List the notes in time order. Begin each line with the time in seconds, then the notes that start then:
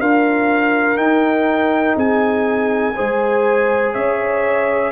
0.00 D4 F4 A#4 F5
0.96 D#4 G5
1.96 C4 G#4 G#5
2.95 G#3 G#4 C5
3.93 C#4 C#5 E5